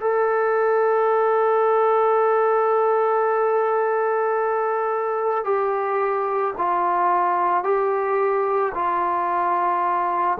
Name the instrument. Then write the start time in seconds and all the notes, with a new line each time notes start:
trombone
0.00 A4
5.44 G4
6.57 F4
7.63 G4
8.74 F4